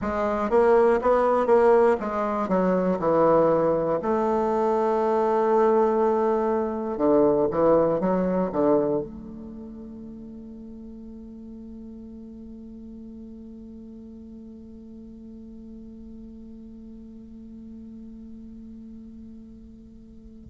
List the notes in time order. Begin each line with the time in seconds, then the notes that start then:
0.01 G#3
0.50 A#3
1.01 B3
1.46 A#3
2.00 G#3
2.48 F#3
2.99 E3
4.01 A3
6.97 D3
7.50 E3
8.00 F#3
8.52 D3
9.01 A3